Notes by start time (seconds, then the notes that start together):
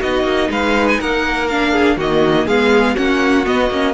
0.00 B3 D#4 F#4 D#5
0.24 A#3
0.50 G#3 B4 F5
0.88 G#5
1.00 A#3 A#4 F#5
1.48 D4 F5
1.72 G#4
1.97 D#3 A#3 F#4 D#5
2.46 G#3 B3 G#4 F5
2.95 A#3 C#4 F#4 F#5
3.45 B3 D#5
3.70 A#3 C#4